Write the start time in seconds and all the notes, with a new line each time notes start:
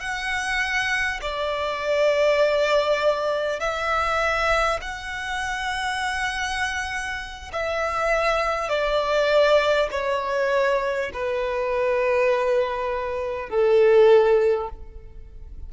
0.00 F#5
1.21 D5
3.59 E5
4.81 F#5
7.52 E5
8.69 D5
9.91 C#5
11.13 B4
13.49 A4